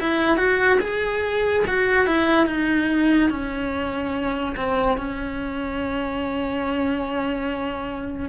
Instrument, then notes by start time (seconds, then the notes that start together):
cello
0.00 E4
0.37 F#4
0.81 G#4
1.67 F#4
2.06 E4
2.47 D#4
3.30 C#4
4.56 C4
4.97 C#4